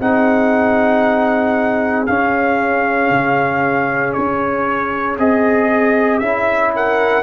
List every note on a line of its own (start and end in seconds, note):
0.00 2.07 C4
0.00 2.07 D#4
0.00 6.72 G#4
0.00 2.06 F#5
2.06 5.18 C#4
2.06 3.10 C#4
2.06 4.13 F5
3.10 4.14 C#3
4.13 5.18 C#4
4.13 5.16 C#5
5.18 6.21 C4
5.18 6.22 G#4
5.18 6.19 D#5
6.19 7.23 C#4
6.19 7.23 E4
6.19 6.71 E5
6.75 7.23 A#4
6.75 7.23 F#5